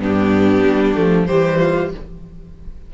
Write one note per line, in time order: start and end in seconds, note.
0.00 0.64 G2
0.00 0.95 B3
0.00 1.27 D4
0.00 1.27 G4
0.65 0.97 G3
0.95 1.29 F3
0.95 1.27 A3
1.27 1.95 E3
1.27 1.94 G3
1.27 1.59 G4
1.27 1.91 C5
1.60 1.91 F4